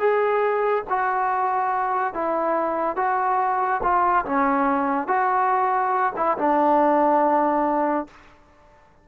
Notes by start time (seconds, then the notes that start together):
0.00 G#4
0.90 F#4
2.14 E4
2.97 F#4
3.83 F4
4.26 C#4
5.08 F#4
6.17 E4
6.38 D4